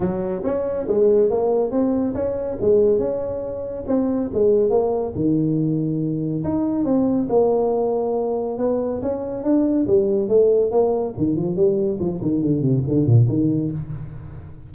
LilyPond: \new Staff \with { instrumentName = "tuba" } { \time 4/4 \tempo 4 = 140 fis4 cis'4 gis4 ais4 | c'4 cis'4 gis4 cis'4~ | cis'4 c'4 gis4 ais4 | dis2. dis'4 |
c'4 ais2. | b4 cis'4 d'4 g4 | a4 ais4 dis8 f8 g4 | f8 dis8 d8 c8 d8 ais,8 dis4 | }